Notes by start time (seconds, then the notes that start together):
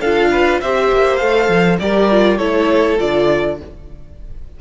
0.00 D4 F4 A4 F5
0.31 B4
0.60 C4 G4 C5 E5
0.92 A#3
1.17 A3 A4 F5
1.49 F3
1.79 G3 G4 A#4 D5
2.11 F4
2.37 A3 E4 A4 C#5
2.98 D3 F4 D5